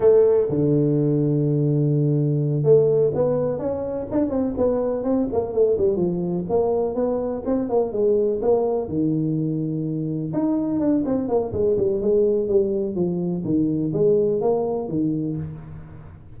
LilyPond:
\new Staff \with { instrumentName = "tuba" } { \time 4/4 \tempo 4 = 125 a4 d2.~ | d4. a4 b4 cis'8~ | cis'8 d'8 c'8 b4 c'8 ais8 a8 | g8 f4 ais4 b4 c'8 |
ais8 gis4 ais4 dis4.~ | dis4. dis'4 d'8 c'8 ais8 | gis8 g8 gis4 g4 f4 | dis4 gis4 ais4 dis4 | }